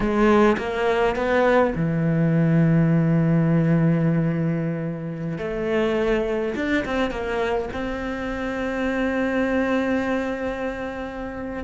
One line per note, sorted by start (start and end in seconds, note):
0.00 0.57 G#3
0.57 1.15 A#3
1.15 1.73 B3
1.75 5.38 E3
5.38 6.54 A3
6.55 6.84 D4
6.85 7.10 C4
7.10 7.69 A#3
7.73 11.63 C4